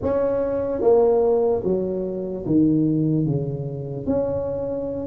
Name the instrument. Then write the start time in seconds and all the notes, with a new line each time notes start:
tuba
0.02 C#4
0.81 A#3
1.64 F#3
2.45 D#3
3.26 C#3
4.06 C#4